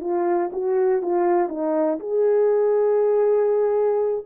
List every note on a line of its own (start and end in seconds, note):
0.00 0.50 F4
0.52 1.01 F#4
1.01 1.48 F4
1.48 1.98 D#4
2.00 4.25 G#4